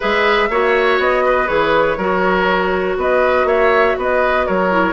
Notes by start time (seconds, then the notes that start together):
0.00 G#3 G#4 B4 E5
0.49 A#3 F#4 C#5
0.98 B3 D#5
1.25 B4
1.46 E3 G#4 C#5
1.97 F#3 F#4 A#4
2.97 B3 B4 D#5
3.44 A#3 C#5 E5
3.97 B3 B4 D#5
4.46 F#3 A#4 C#5
4.71 E4